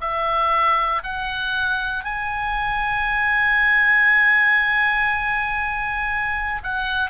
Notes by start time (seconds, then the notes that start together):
0.00 E5
1.03 F#5
2.04 G#5
6.63 F#5